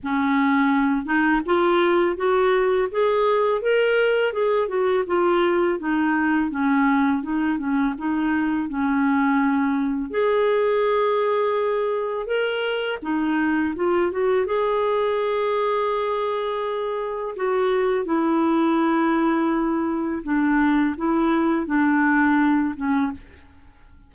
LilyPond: \new Staff \with { instrumentName = "clarinet" } { \time 4/4 \tempo 4 = 83 cis'4. dis'8 f'4 fis'4 | gis'4 ais'4 gis'8 fis'8 f'4 | dis'4 cis'4 dis'8 cis'8 dis'4 | cis'2 gis'2~ |
gis'4 ais'4 dis'4 f'8 fis'8 | gis'1 | fis'4 e'2. | d'4 e'4 d'4. cis'8 | }